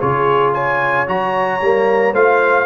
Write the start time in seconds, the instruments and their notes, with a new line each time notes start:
0.00 tuba C#3, trombone F4, horn G#4, trumpet C#5
0.54 horn C#5, trumpet G#5
1.07 tuba F#3, trombone F#4, trumpet A#5
1.61 tuba G3, trombone A#3
2.14 tuba A3, trombone F4, horn C5, trumpet F5